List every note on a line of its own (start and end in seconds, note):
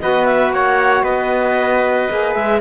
0.00 0.50 B3
0.00 2.10 F#4
0.00 0.54 B4
0.00 0.26 D#5
0.26 0.52 E5
0.50 1.03 A#3
0.50 1.04 C#5
0.50 1.03 F#5
1.03 2.08 B3
1.03 2.61 B4
1.03 2.34 D#5
2.10 2.35 A#3
2.10 2.61 G#4
2.34 2.61 G#3
2.34 2.60 E5